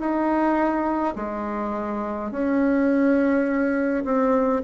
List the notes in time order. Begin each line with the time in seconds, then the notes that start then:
0.00 D#4
1.16 G#3
2.31 C#4
4.05 C4